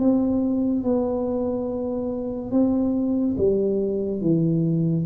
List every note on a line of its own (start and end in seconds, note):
0.00 0.84 C4
0.84 2.52 B3
2.52 3.36 C4
3.38 4.22 G3
4.22 5.06 E3